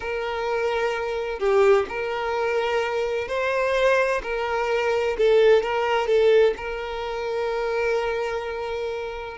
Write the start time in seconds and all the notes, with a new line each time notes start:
0.00 A#4
1.39 G4
1.89 A#4
3.27 C5
4.23 A#4
5.17 A4
5.62 A#4
6.07 A4
6.56 A#4